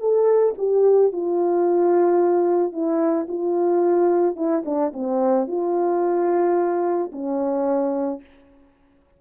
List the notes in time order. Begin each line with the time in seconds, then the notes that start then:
0.00 A4
0.58 G4
1.12 F4
2.72 E4
3.28 F4
4.36 E4
4.65 D4
4.93 C4
5.48 F4
7.12 C#4